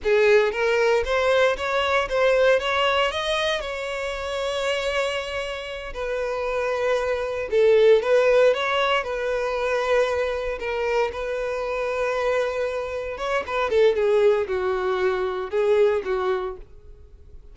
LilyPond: \new Staff \with { instrumentName = "violin" } { \time 4/4 \tempo 4 = 116 gis'4 ais'4 c''4 cis''4 | c''4 cis''4 dis''4 cis''4~ | cis''2.~ cis''8 b'8~ | b'2~ b'8 a'4 b'8~ |
b'8 cis''4 b'2~ b'8~ | b'8 ais'4 b'2~ b'8~ | b'4. cis''8 b'8 a'8 gis'4 | fis'2 gis'4 fis'4 | }